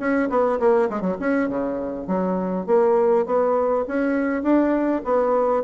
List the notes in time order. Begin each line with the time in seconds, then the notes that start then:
0.00 C#4
0.30 B3
0.60 A#3
0.90 G#3
1.02 F#3
1.20 C#4
1.49 C#3
2.08 F#3
2.67 A#3
3.27 B3
3.88 C#4
4.43 D4
5.05 B3